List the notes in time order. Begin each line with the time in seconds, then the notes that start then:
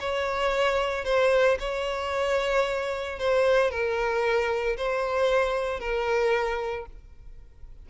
0.00 C#5
1.05 C5
1.59 C#5
3.19 C5
3.70 A#4
4.77 C5
5.79 A#4